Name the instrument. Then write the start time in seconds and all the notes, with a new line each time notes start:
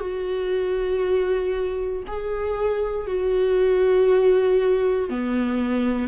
viola
0.00 F#4
2.07 G#4
3.06 F#4
5.09 B3